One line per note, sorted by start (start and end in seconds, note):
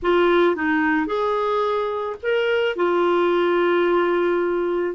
0.02 0.55 F4
0.55 1.06 D#4
1.06 2.16 G#4
2.22 2.76 A#4
2.76 4.95 F4